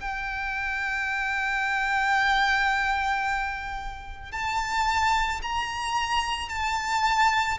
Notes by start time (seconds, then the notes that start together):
0.00 G5
4.32 A5
5.42 A#5
6.49 A5